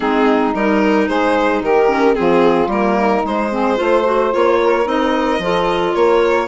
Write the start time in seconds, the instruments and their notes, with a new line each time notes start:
0.00 bassoon G#3, clarinet C4, saxophone D#4, violin G#4
0.53 bassoon G3, clarinet D#4, violin A#4
1.08 bassoon G#3, saxophone G#4, violin C5
1.61 bassoon D#3, saxophone G4, violin A#4
1.88 clarinet C#4
2.14 bassoon F3, clarinet C4, saxophone F4, violin G#4
2.67 bassoon G3, clarinet A#3, violin A#4
2.96 saxophone D#4
3.24 bassoon G#3, clarinet G#3, violin C5
3.52 clarinet C4, saxophone G#4
3.76 bassoon A3, clarinet F4, saxophone C5
4.04 clarinet F#4
4.31 bassoon A#3, clarinet F4, violin C#5
4.62 saxophone A#4
4.84 bassoon C4, clarinet D#4, violin D#5
5.39 bassoon F3, clarinet F4, saxophone A4
5.94 bassoon A#3, saxophone A#4, violin C#5